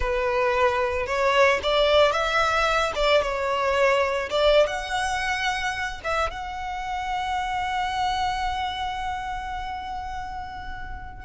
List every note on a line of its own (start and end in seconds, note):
0.00 1.06 B4
1.06 1.59 C#5
1.62 2.12 D5
2.12 2.92 E5
2.95 3.21 D5
3.21 4.29 C#5
4.30 4.67 D5
4.67 6.00 F#5
6.04 6.30 E5
6.30 11.25 F#5